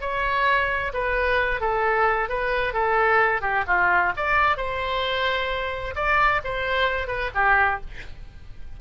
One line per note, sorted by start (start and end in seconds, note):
0.00 0.92 C#5
0.93 1.60 B4
1.60 2.29 A4
2.29 2.73 B4
2.73 3.41 A4
3.41 3.64 G4
3.66 4.12 F4
4.16 4.57 D5
4.57 5.94 C5
5.95 6.41 D5
6.44 7.07 C5
7.07 7.30 B4
7.34 7.80 G4